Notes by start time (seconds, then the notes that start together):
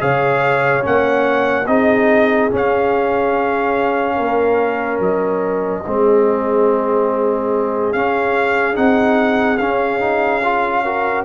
0.00 C#3 G#4 C#5 F5
0.82 A#3 C#4 F#5
1.67 C4 D#4 G#4 D#5
2.51 C#4 F5
4.16 A#3 A#4
4.99 F#3 D#5
5.86 G#3 C4 G#4
7.93 C#4 F5
8.75 C4 D#4 F#5
9.58 C#4 F5
10.00 D#4
10.43 F4
10.85 F#4 A#4